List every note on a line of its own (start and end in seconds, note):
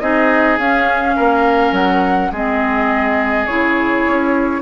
0.00 0.59 C4
0.00 0.59 D#4
0.00 1.16 G#4
0.00 0.58 D#5
0.59 1.16 C#4
0.59 2.34 C#4
0.59 1.75 F5
1.16 1.72 A#3
1.16 2.32 A#4
1.72 2.30 F#3
1.72 2.32 F#5
2.32 3.47 G#3
2.32 3.49 C4
2.32 4.62 G#4
2.32 3.47 D#5
3.47 4.05 C#3
3.47 4.62 E4
3.47 4.62 C#5
4.07 4.62 C#4